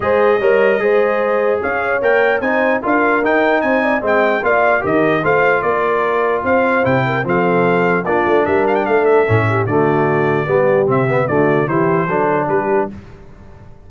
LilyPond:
<<
  \new Staff \with { instrumentName = "trumpet" } { \time 4/4 \tempo 4 = 149 dis''1 | f''4 g''4 gis''4 f''4 | g''4 gis''4 g''4 f''4 | dis''4 f''4 d''2 |
f''4 g''4 f''2 | d''4 e''8 f''16 g''16 f''8 e''4. | d''2. e''4 | d''4 c''2 b'4 | }
  \new Staff \with { instrumentName = "horn" } { \time 4/4 c''4 cis''4 c''2 | cis''2 c''4 ais'4~ | ais'4 c''8 d''8 dis''4 d''4 | ais'4 c''4 ais'2 |
c''4. ais'8 a'2 | f'4 ais'4 a'4. g'8 | fis'2 g'2 | fis'4 g'4 a'4 g'4 | }
  \new Staff \with { instrumentName = "trombone" } { \time 4/4 gis'4 ais'4 gis'2~ | gis'4 ais'4 dis'4 f'4 | dis'2 c'4 f'4 | g'4 f'2.~ |
f'4 e'4 c'2 | d'2. cis'4 | a2 b4 c'8 b8 | a4 e'4 d'2 | }
  \new Staff \with { instrumentName = "tuba" } { \time 4/4 gis4 g4 gis2 | cis'4 ais4 c'4 d'4 | dis'4 c'4 gis4 ais4 | dis4 a4 ais2 |
c'4 c4 f2 | ais8 a8 g4 a4 a,4 | d2 g4 c4 | d4 e4 fis4 g4 | }
>>